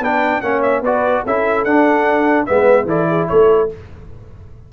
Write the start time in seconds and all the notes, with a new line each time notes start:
0.00 B3 D4 B4 G5
0.41 A#3 C#4 C#5 F#5
0.62 E5
0.82 B3 F#4 B4 D5
1.26 C#4 E4 A4 E5
1.64 D4 F#5
2.46 G#3 B3 B4 E5
2.85 E3 E4 A4 D5
3.09 G#4
3.28 A3 A4 C#5